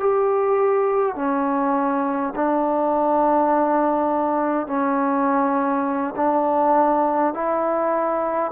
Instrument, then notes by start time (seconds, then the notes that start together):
trombone
0.00 G4
1.16 C#4
2.36 D4
4.67 C#4
6.17 D4
7.34 E4